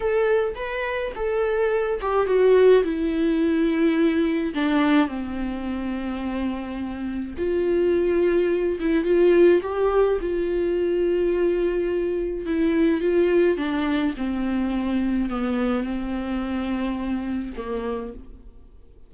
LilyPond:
\new Staff \with { instrumentName = "viola" } { \time 4/4 \tempo 4 = 106 a'4 b'4 a'4. g'8 | fis'4 e'2. | d'4 c'2.~ | c'4 f'2~ f'8 e'8 |
f'4 g'4 f'2~ | f'2 e'4 f'4 | d'4 c'2 b4 | c'2. ais4 | }